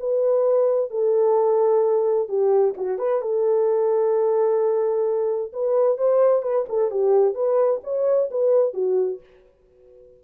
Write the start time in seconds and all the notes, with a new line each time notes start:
0.00 B4
0.91 A4
2.29 G4
2.78 F#4
2.99 B4
3.22 A4
5.53 B4
5.98 C5
6.43 B4
6.69 A4
6.91 G4
7.35 B4
7.84 C#5
8.31 B4
8.74 F#4